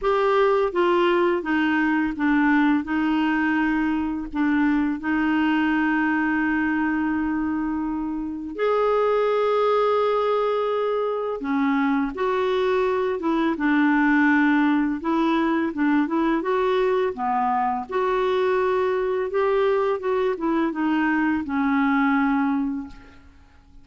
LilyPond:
\new Staff \with { instrumentName = "clarinet" } { \time 4/4 \tempo 4 = 84 g'4 f'4 dis'4 d'4 | dis'2 d'4 dis'4~ | dis'1 | gis'1 |
cis'4 fis'4. e'8 d'4~ | d'4 e'4 d'8 e'8 fis'4 | b4 fis'2 g'4 | fis'8 e'8 dis'4 cis'2 | }